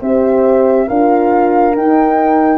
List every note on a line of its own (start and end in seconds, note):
0.00 0.88 C4
0.00 0.89 G4
0.00 0.87 C5
0.00 0.88 E5
0.87 1.76 D4
0.87 1.74 F4
0.87 2.58 A#4
0.87 1.75 F5
1.74 2.58 D#4
1.74 2.58 G5